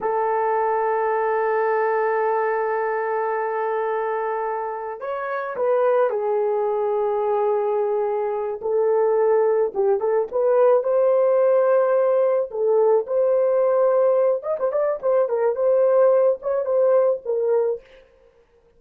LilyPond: \new Staff \with { instrumentName = "horn" } { \time 4/4 \tempo 4 = 108 a'1~ | a'1~ | a'4 cis''4 b'4 gis'4~ | gis'2.~ gis'8 a'8~ |
a'4. g'8 a'8 b'4 c''8~ | c''2~ c''8 a'4 c''8~ | c''2 dis''16 c''16 d''8 c''8 ais'8 | c''4. cis''8 c''4 ais'4 | }